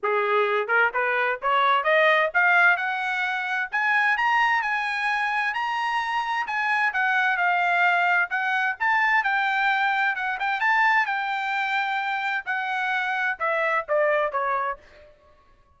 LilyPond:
\new Staff \with { instrumentName = "trumpet" } { \time 4/4 \tempo 4 = 130 gis'4. ais'8 b'4 cis''4 | dis''4 f''4 fis''2 | gis''4 ais''4 gis''2 | ais''2 gis''4 fis''4 |
f''2 fis''4 a''4 | g''2 fis''8 g''8 a''4 | g''2. fis''4~ | fis''4 e''4 d''4 cis''4 | }